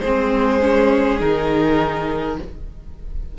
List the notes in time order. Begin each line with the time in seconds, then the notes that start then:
0.00 G#3 C4 G#4 C5
0.61 C#4
1.20 D#3 D#4 A#4